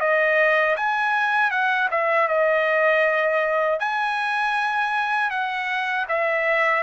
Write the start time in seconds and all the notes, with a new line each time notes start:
0.00 D#5
0.77 G#5
1.51 F#5
1.91 E5
2.28 D#5
3.80 G#5
5.30 F#5
6.09 E5